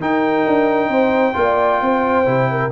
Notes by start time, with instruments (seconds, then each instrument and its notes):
0.00 tuba D#4, trombone D#4, horn A#4, trumpet G5
0.46 tuba D4
0.88 tuba C4, horn C5
1.33 tuba A#3, trombone F4, horn D5
1.81 tuba C4, horn C5
2.24 tuba C3, trombone E4
2.51 horn A#4